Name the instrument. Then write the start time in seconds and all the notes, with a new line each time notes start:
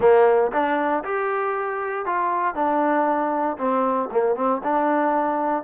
trombone
0.00 A#3
0.52 D4
1.03 G4
2.05 F4
2.54 D4
3.58 C4
4.11 A#3
4.35 C4
4.63 D4